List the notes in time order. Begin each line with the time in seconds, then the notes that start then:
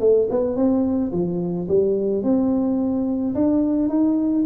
0.00 A3
0.30 B3
0.56 C4
1.12 F3
1.68 G3
2.23 C4
3.35 D4
3.89 D#4